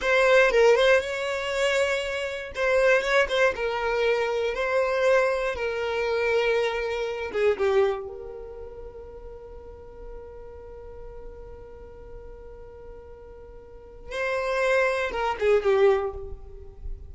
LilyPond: \new Staff \with { instrumentName = "violin" } { \time 4/4 \tempo 4 = 119 c''4 ais'8 c''8 cis''2~ | cis''4 c''4 cis''8 c''8 ais'4~ | ais'4 c''2 ais'4~ | ais'2~ ais'8 gis'8 g'4 |
ais'1~ | ais'1~ | ais'1 | c''2 ais'8 gis'8 g'4 | }